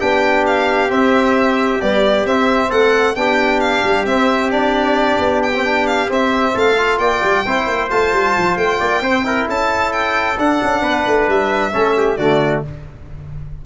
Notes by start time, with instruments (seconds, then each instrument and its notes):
0.00 tuba B3, trombone D4, trumpet G4, violin G5
0.47 violin F5
0.89 trombone C4, tuba C4, violin E5
1.81 trombone G3, tuba B3, violin D5
2.25 tuba C4, trombone C4, violin E5
2.70 tuba A3, trumpet A4, violin F#5
3.16 tuba B3, trombone D4, trumpet G4, violin G5
3.60 violin F5
3.84 tuba G3
4.06 tuba C4, trombone C4, violin E5
4.51 trombone D4, violin D5
5.19 tuba B3
5.43 violin G5
5.55 trombone C4
5.65 trombone D4
5.87 violin F5
6.09 trombone C4, tuba C4, violin E5
6.54 tuba A3, trumpet A4, violin F5
6.78 trombone F4
6.99 tuba A#3, trumpet D5, violin G5
7.23 tuba G3
7.46 tuba C4, trombone E4, trumpet C5
7.68 tuba A#3
7.90 tuba A3, trombone F4, violin A5
8.13 tuba G3
8.38 tuba F3
8.57 tuba A3, violin G5
8.80 tuba A#3, trumpet D5
9.01 tuba C4, trombone C4, trumpet C5
9.24 trombone E4, trumpet A#4
9.49 tuba C#4, trumpet A4, violin A5
9.93 violin G5
10.38 tuba D4, trombone D4, violin F#5
10.63 tuba C#4
10.82 tuba B3, trumpet B4
11.07 tuba A3
11.28 tuba G3, violin E5
11.72 tuba A3, trombone C#4, trumpet A4
11.98 trumpet G4
12.17 tuba D3, trombone A3, trumpet F#4, violin D5